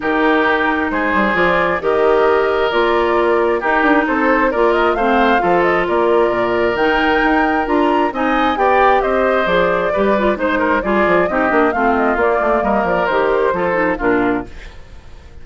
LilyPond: <<
  \new Staff \with { instrumentName = "flute" } { \time 4/4 \tempo 4 = 133 ais'2 c''4 d''4 | dis''2 d''2 | ais'4 c''4 d''8 dis''8 f''4~ | f''8 dis''8 d''2 g''4~ |
g''4 ais''4 gis''4 g''4 | dis''4 d''2 c''4 | d''4 dis''4 f''8 dis''8 d''4 | dis''8 d''8 c''2 ais'4 | }
  \new Staff \with { instrumentName = "oboe" } { \time 4/4 g'2 gis'2 | ais'1 | g'4 a'4 ais'4 c''4 | a'4 ais'2.~ |
ais'2 dis''4 d''4 | c''2 b'4 c''8 ais'8 | gis'4 g'4 f'2 | ais'2 a'4 f'4 | }
  \new Staff \with { instrumentName = "clarinet" } { \time 4/4 dis'2. f'4 | g'2 f'2 | dis'2 f'4 c'4 | f'2. dis'4~ |
dis'4 f'4 dis'4 g'4~ | g'4 gis'4 g'8 f'8 dis'4 | f'4 dis'8 d'8 c'4 ais4~ | ais4 g'4 f'8 dis'8 d'4 | }
  \new Staff \with { instrumentName = "bassoon" } { \time 4/4 dis2 gis8 g8 f4 | dis2 ais2 | dis'8 d'8 c'4 ais4 a4 | f4 ais4 ais,4 dis4 |
dis'4 d'4 c'4 b4 | c'4 f4 g4 gis4 | g8 f8 c'8 ais8 a4 ais8 a8 | g8 f8 dis4 f4 ais,4 | }
>>